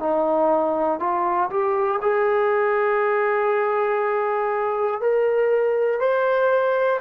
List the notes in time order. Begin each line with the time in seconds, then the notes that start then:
0.00 D#4
1.00 F4
1.50 G4
2.02 G#4
5.00 A#4
6.00 C5